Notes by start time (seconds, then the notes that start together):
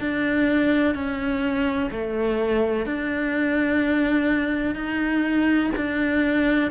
0.00 D4
0.94 C#4
1.91 A3
2.86 D4
4.74 D#4
5.76 D4